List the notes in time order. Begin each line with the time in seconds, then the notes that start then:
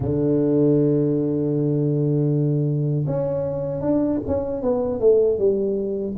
0.00 D3
3.06 C#4
3.81 D4
4.27 C#4
4.62 B3
5.00 A3
5.38 G3